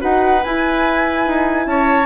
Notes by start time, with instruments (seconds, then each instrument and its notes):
0.00 bassoon D#4, horn F#4, oboe B4, flute F#5
0.44 bassoon E4, horn E4, flute G#5
1.27 bassoon D#4
1.66 bassoon C#4, oboe C#5, flute A5